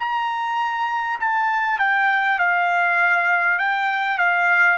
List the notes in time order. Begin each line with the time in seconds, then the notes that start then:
0.00 A#5
1.21 A5
1.79 G5
2.39 F5
3.59 G5
4.19 F5